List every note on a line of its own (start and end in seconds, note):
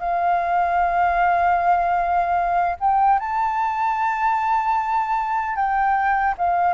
0.00 2.76 F5
2.80 3.19 G5
3.19 5.56 A5
5.56 6.35 G5
6.38 6.74 F5